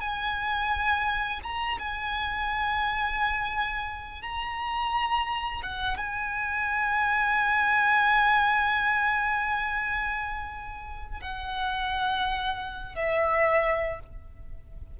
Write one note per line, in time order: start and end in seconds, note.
0.00 1.40 G#5
1.43 1.78 A#5
1.79 4.22 G#5
4.22 5.61 A#5
5.62 5.97 F#5
5.97 11.20 G#5
11.21 12.95 F#5
12.95 13.99 E5